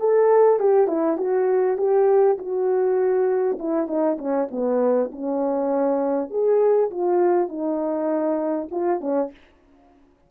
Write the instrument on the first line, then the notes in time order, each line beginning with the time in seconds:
horn
0.00 A4
0.60 G4
0.88 E4
1.18 F#4
1.78 G4
2.38 F#4
3.59 E4
3.88 D#4
4.18 C#4
4.51 B3
5.12 C#4
6.31 G#4
6.91 F4
7.49 D#4
8.71 F4
9.01 C#4